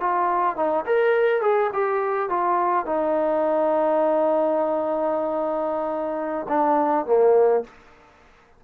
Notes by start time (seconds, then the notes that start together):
0.00 F4
0.56 D#4
0.86 A#4
1.41 G#4
1.73 G4
2.29 F4
2.86 D#4
6.48 D4
7.06 A#3